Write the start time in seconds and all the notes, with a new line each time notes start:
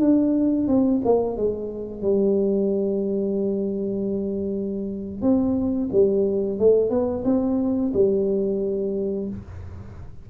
0.00 D4
0.67 C4
1.04 A#3
1.37 G#3
2.01 G3
5.22 C4
5.92 G3
6.59 A3
6.90 B3
7.24 C4
7.94 G3